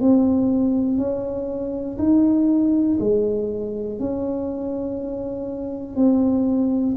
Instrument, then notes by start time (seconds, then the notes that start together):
tuba
0.00 C4
0.98 C#4
1.98 D#4
3.00 G#3
3.99 C#4
5.96 C4